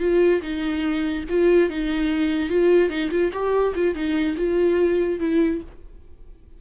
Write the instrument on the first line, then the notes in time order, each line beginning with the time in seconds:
viola
0.00 F4
0.42 D#4
1.29 F4
1.70 D#4
2.49 F4
2.90 D#4
3.11 F4
3.33 G4
3.75 F4
3.95 D#4
4.37 F4
5.20 E4